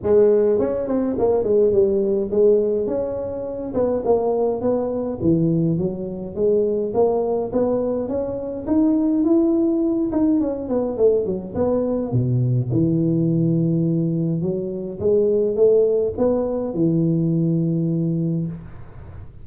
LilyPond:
\new Staff \with { instrumentName = "tuba" } { \time 4/4 \tempo 4 = 104 gis4 cis'8 c'8 ais8 gis8 g4 | gis4 cis'4. b8 ais4 | b4 e4 fis4 gis4 | ais4 b4 cis'4 dis'4 |
e'4. dis'8 cis'8 b8 a8 fis8 | b4 b,4 e2~ | e4 fis4 gis4 a4 | b4 e2. | }